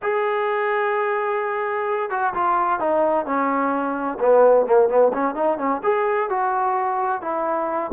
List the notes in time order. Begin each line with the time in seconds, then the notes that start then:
0.02 G#4
2.10 F#4
2.34 F4
2.79 D#4
3.25 C#4
4.19 B3
4.65 A#3
4.88 B3
5.13 C#4
5.34 D#4
5.58 C#4
5.83 G#4
6.29 F#4
7.21 E4